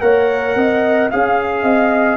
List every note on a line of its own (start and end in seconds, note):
0.00 0.55 A#3
0.00 1.09 A#4
0.00 0.56 C#5
0.00 1.09 F#5
0.55 1.10 C4
0.55 1.10 D#5
1.10 1.62 C#4
1.10 2.17 G#4
1.10 1.63 F5
1.10 2.17 F5
1.62 2.17 C4
1.62 2.17 D#5